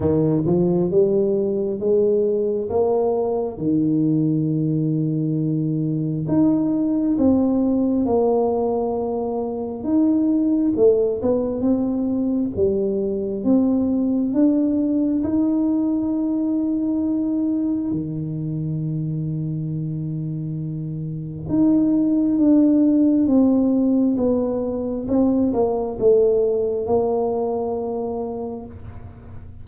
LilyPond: \new Staff \with { instrumentName = "tuba" } { \time 4/4 \tempo 4 = 67 dis8 f8 g4 gis4 ais4 | dis2. dis'4 | c'4 ais2 dis'4 | a8 b8 c'4 g4 c'4 |
d'4 dis'2. | dis1 | dis'4 d'4 c'4 b4 | c'8 ais8 a4 ais2 | }